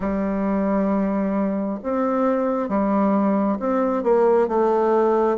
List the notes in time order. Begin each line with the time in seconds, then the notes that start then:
0.00 G3
1.83 C4
2.69 G3
3.59 C4
4.03 A#3
4.48 A3